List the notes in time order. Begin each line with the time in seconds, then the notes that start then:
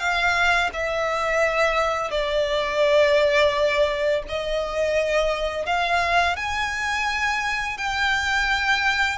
0.00 F5
0.73 E5
2.11 D5
4.29 D#5
5.67 F5
6.37 G#5
7.78 G5